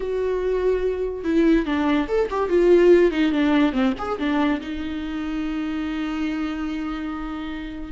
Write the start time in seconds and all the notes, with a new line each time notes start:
0.00 F#4
1.24 E4
1.65 D4
2.07 A4
2.30 G4
2.49 F4
3.11 D#4
3.32 D4
3.72 C4
3.98 G#4
4.18 D4
4.60 D#4